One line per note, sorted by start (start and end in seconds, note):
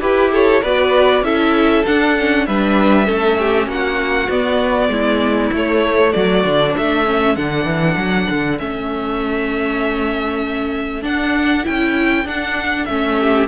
0.00 0.62 E4
0.00 0.61 G4
0.00 0.32 G4
0.00 0.31 B4
0.32 0.62 A4
0.32 0.63 C#5
0.62 1.21 B3
0.62 1.23 F#4
0.62 1.23 B4
0.62 1.24 D5
1.21 1.82 C#4
1.21 1.84 E4
1.21 2.47 A4
1.21 1.85 E5
1.85 2.17 D4
1.85 2.47 D4
1.85 2.46 F#5
2.17 2.48 C#4
2.46 3.08 G3
2.46 3.05 D4
2.46 3.06 B4
2.46 3.68 E5
3.05 3.66 A3
3.05 4.27 C#4
3.05 3.36 A4
3.38 3.68 G4
3.66 4.28 A#3
3.66 4.90 F#4
3.66 4.30 F#5
4.29 4.89 B3
4.29 5.53 B3
4.29 5.52 D5
4.89 5.50 G#3
4.89 6.13 E4
5.52 6.14 A3
5.52 6.44 A3
5.52 6.12 C#5
6.12 6.44 F#3
6.12 6.76 F#4
6.12 6.73 D5
6.44 6.74 D3
6.44 7.05 D4
6.76 7.36 A3
6.76 13.19 A4
6.76 7.35 E5
7.05 7.36 C#4
7.35 7.65 D3
7.35 8.58 D4
7.35 8.58 F#5
7.65 7.95 E3
7.96 8.27 F#3
8.30 8.60 D3
8.58 11.04 A3
8.58 11.02 C#4
8.58 11.03 E5
11.02 11.63 D4
11.02 11.65 D4
11.02 11.65 F#5
11.63 12.24 C#4
11.63 12.24 E4
11.63 12.27 G5
12.24 12.85 D4
12.24 12.88 D4
12.24 12.85 F#5
12.85 13.47 A3
12.85 13.47 C#4
12.85 13.46 E5
13.19 13.47 G4